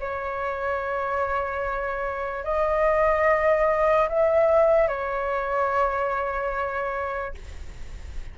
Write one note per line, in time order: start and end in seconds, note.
0.00 2.44 C#5
2.44 4.08 D#5
4.09 4.88 E5
4.88 7.34 C#5